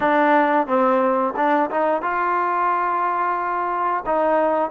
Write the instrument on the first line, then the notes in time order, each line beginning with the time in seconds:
trombone
0.00 D4
0.66 C4
1.36 D4
1.70 D#4
2.02 F4
4.06 D#4